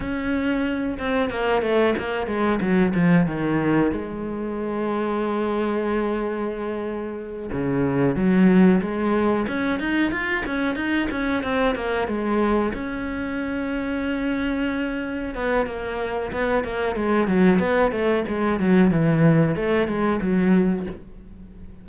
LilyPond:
\new Staff \with { instrumentName = "cello" } { \time 4/4 \tempo 4 = 92 cis'4. c'8 ais8 a8 ais8 gis8 | fis8 f8 dis4 gis2~ | gis2.~ gis8 cis8~ | cis8 fis4 gis4 cis'8 dis'8 f'8 |
cis'8 dis'8 cis'8 c'8 ais8 gis4 cis'8~ | cis'2.~ cis'8 b8 | ais4 b8 ais8 gis8 fis8 b8 a8 | gis8 fis8 e4 a8 gis8 fis4 | }